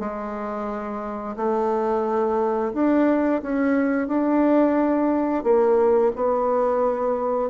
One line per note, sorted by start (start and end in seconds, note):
0.00 1.36 G#3
1.37 2.73 A3
2.74 3.42 D4
3.43 4.08 C#4
4.08 5.44 D4
5.44 6.12 A#3
6.16 7.50 B3